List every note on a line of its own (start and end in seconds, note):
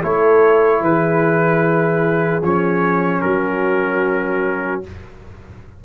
0.00 0.81 A3
0.00 2.43 E4
0.00 0.80 A4
0.00 0.84 C#5
0.81 2.41 E3
0.81 3.24 G#4
0.81 2.44 B4
2.42 3.22 F3
2.42 4.84 C#4
2.42 3.21 C#5
3.21 4.83 F#3
3.21 4.84 F#4
3.21 4.81 A#4